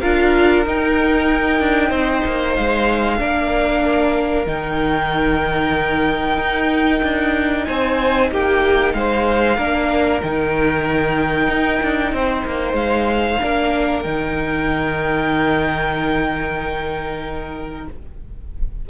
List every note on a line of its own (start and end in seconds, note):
0.00 0.66 D4
0.00 0.66 F4
0.00 1.89 A#4
0.00 0.64 F5
0.66 1.60 D#4
0.66 3.18 D#4
0.66 2.55 G5
1.60 1.90 D4
1.89 2.22 C4
1.89 3.17 C5
2.26 2.58 A#3
2.55 3.21 G#3
2.55 4.47 F5
3.18 4.47 A#3
3.18 4.46 D4
3.18 7.66 A#4
4.47 6.38 D#3
4.47 9.57 D#4
4.47 7.65 G5
6.38 7.02 D#4
7.03 7.67 D4
7.65 8.31 C4
7.65 8.31 C5
7.65 8.29 G#5
8.31 8.94 A#3
8.31 8.95 G4
8.31 8.94 G5
8.94 9.58 G#3
8.94 9.57 C5
8.94 10.21 F5
9.57 10.22 A#3
9.57 10.22 D4
9.57 12.12 A#4
10.22 11.48 D#3
10.22 13.40 D#4
10.22 12.76 G5
11.48 11.80 D#4
11.83 12.13 D4
12.13 12.45 C4
12.13 13.42 C5
12.46 12.73 A#3
12.73 13.37 G#3
12.73 14.03 F5
13.40 14.05 A#3
13.40 14.04 D4
13.40 17.90 A#4
14.03 17.88 D#3
14.03 17.87 D#4
14.03 17.86 G5